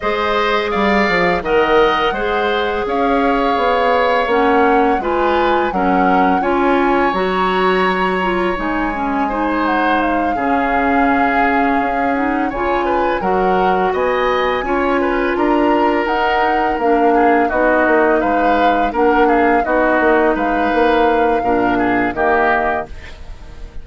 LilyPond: <<
  \new Staff \with { instrumentName = "flute" } { \time 4/4 \tempo 4 = 84 dis''4 f''4 fis''2 | f''2 fis''4 gis''4 | fis''4 gis''4 ais''2 | gis''4. fis''8 f''2~ |
f''4 fis''8 gis''4 fis''4 gis''8~ | gis''4. ais''4 fis''4 f''8~ | f''8 dis''4 f''4 fis''8 f''8 dis''8~ | dis''8 f''2~ f''8 dis''4 | }
  \new Staff \with { instrumentName = "oboe" } { \time 4/4 c''4 d''4 dis''4 c''4 | cis''2. b'4 | ais'4 cis''2.~ | cis''4 c''4. gis'4.~ |
gis'4. cis''8 b'8 ais'4 dis''8~ | dis''8 cis''8 b'8 ais'2~ ais'8 | gis'8 fis'4 b'4 ais'8 gis'8 fis'8~ | fis'8 b'4. ais'8 gis'8 g'4 | }
  \new Staff \with { instrumentName = "clarinet" } { \time 4/4 gis'2 ais'4 gis'4~ | gis'2 cis'4 f'4 | cis'4 f'4 fis'4. f'8 | dis'8 cis'8 dis'4. cis'4.~ |
cis'4 dis'8 f'4 fis'4.~ | fis'8 f'2 dis'4 d'8~ | d'8 dis'2 d'4 dis'8~ | dis'2 d'4 ais4 | }
  \new Staff \with { instrumentName = "bassoon" } { \time 4/4 gis4 g8 f8 dis4 gis4 | cis'4 b4 ais4 gis4 | fis4 cis'4 fis2 | gis2~ gis8 cis4.~ |
cis8 cis'4 cis4 fis4 b8~ | b8 cis'4 d'4 dis'4 ais8~ | ais8 b8 ais8 gis4 ais4 b8 | ais8 gis8 ais4 ais,4 dis4 | }
>>